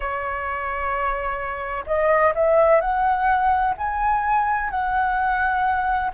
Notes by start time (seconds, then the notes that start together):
0.00 C#5
1.86 D#5
2.34 E5
2.80 F#5
3.77 G#5
4.70 F#5